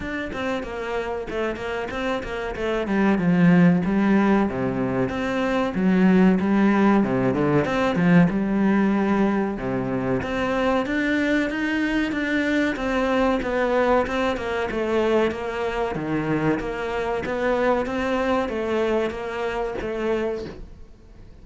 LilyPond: \new Staff \with { instrumentName = "cello" } { \time 4/4 \tempo 4 = 94 d'8 c'8 ais4 a8 ais8 c'8 ais8 | a8 g8 f4 g4 c4 | c'4 fis4 g4 c8 d8 | c'8 f8 g2 c4 |
c'4 d'4 dis'4 d'4 | c'4 b4 c'8 ais8 a4 | ais4 dis4 ais4 b4 | c'4 a4 ais4 a4 | }